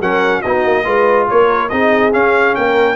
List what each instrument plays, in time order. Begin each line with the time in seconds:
0.00 tuba F#3, trombone C#4, horn A#4, trumpet F#5
0.41 tuba B3, trombone D#4, horn F#4, trumpet D#5
0.65 tuba A#3
0.85 tuba G#3, trombone F4, horn B4
1.29 tuba A#3, horn A#4, trumpet C#5
1.69 tuba C4, trombone D#4, horn G#4, trumpet D#5
2.12 trombone C#4, tuba C#4, trumpet F5
2.56 tuba A#3, horn A#4, trumpet G5